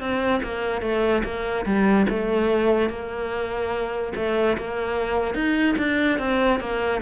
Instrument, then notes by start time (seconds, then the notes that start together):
cello
0.00 C4
0.43 A#3
0.82 A3
1.24 A#3
1.66 G3
2.09 A3
2.90 A#3
4.16 A3
4.58 A#3
5.35 D#4
5.78 D4
6.19 C4
6.60 A#3